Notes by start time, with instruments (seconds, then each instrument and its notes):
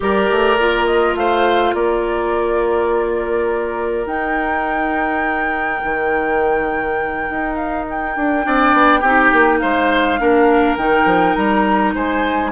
0.00 bassoon G3, clarinet G4, oboe A#4, flute D5
0.30 bassoon A3
0.58 bassoon A#3, clarinet F4
0.85 flute D#5
1.15 bassoon A3, oboe C5, flute F5
1.74 bassoon A#3, oboe A#4, flute D5
4.06 bassoon D#4, clarinet D#4, flute G5
5.83 bassoon D#3
7.29 bassoon D#4
7.56 flute F5
7.90 flute G5
8.16 bassoon D4
8.42 bassoon C4, clarinet D4, oboe D5
8.73 bassoon B3
9.00 bassoon C4, clarinet D#4, oboe G4
9.32 bassoon A#3
9.59 bassoon G#3, oboe C5, flute F5
10.19 bassoon A#3, clarinet D4, oboe A#4
10.76 bassoon D#3, clarinet D#4, flute G5
11.05 bassoon F3
11.34 bassoon G3, flute A#5
11.94 bassoon G#3, oboe C5, flute G#5